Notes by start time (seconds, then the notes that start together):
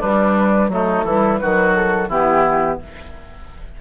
0.00 G3 D4 B4
0.69 F#3 A3 D#4 A4
1.05 E3 G3 E4
1.38 D#3 F#4 B4
1.44 F#3
1.75 A4
2.09 E3 B3 E4 G4